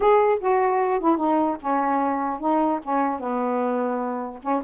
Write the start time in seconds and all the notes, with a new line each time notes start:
0.00 G#4
0.39 F#4
1.00 E4
1.17 D#4
1.60 C#4
2.39 D#4
2.83 C#4
3.19 B3
4.42 C#4